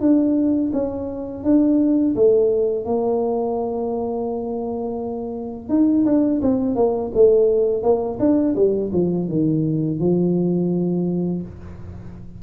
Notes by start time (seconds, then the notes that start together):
0.00 D4
0.73 C#4
1.44 D4
2.15 A3
2.85 A#3
5.69 D#4
6.06 D4
6.42 C4
6.76 A#3
7.14 A3
7.82 A#3
8.19 D4
8.56 G3
8.93 F3
9.28 D#3
9.99 F3